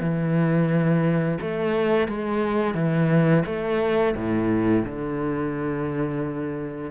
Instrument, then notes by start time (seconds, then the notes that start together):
cello
0.00 E3
1.41 A3
2.08 G#3
2.74 E3
3.46 A3
4.16 A2
4.85 D3